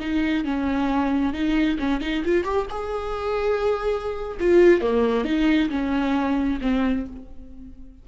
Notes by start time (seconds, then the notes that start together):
0.00 D#4
0.45 C#4
1.34 D#4
1.79 C#4
2.01 D#4
2.25 F4
2.44 G4
2.70 G#4
4.40 F4
4.82 A#3
5.25 D#4
5.70 C#4
6.61 C4